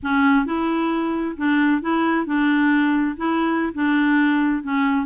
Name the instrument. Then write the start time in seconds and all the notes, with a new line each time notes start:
clarinet
0.02 C#4
0.45 E4
1.37 D4
1.81 E4
2.26 D4
3.16 E4
3.74 D4
4.63 C#4